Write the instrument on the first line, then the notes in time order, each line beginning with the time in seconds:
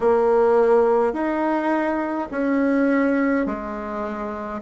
bassoon
0.00 A#3
1.13 D#4
2.31 C#4
3.46 G#3